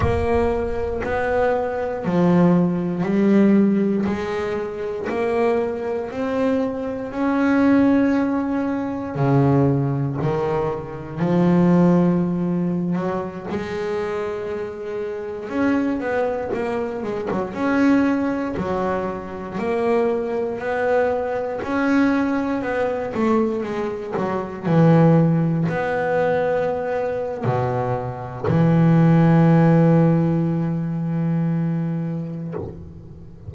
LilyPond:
\new Staff \with { instrumentName = "double bass" } { \time 4/4 \tempo 4 = 59 ais4 b4 f4 g4 | gis4 ais4 c'4 cis'4~ | cis'4 cis4 dis4 f4~ | f8. fis8 gis2 cis'8 b16~ |
b16 ais8 gis16 fis16 cis'4 fis4 ais8.~ | ais16 b4 cis'4 b8 a8 gis8 fis16~ | fis16 e4 b4.~ b16 b,4 | e1 | }